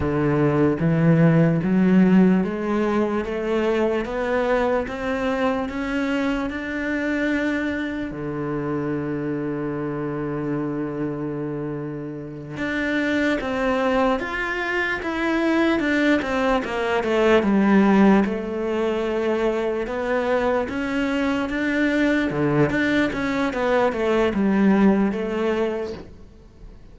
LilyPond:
\new Staff \with { instrumentName = "cello" } { \time 4/4 \tempo 4 = 74 d4 e4 fis4 gis4 | a4 b4 c'4 cis'4 | d'2 d2~ | d2.~ d8 d'8~ |
d'8 c'4 f'4 e'4 d'8 | c'8 ais8 a8 g4 a4.~ | a8 b4 cis'4 d'4 d8 | d'8 cis'8 b8 a8 g4 a4 | }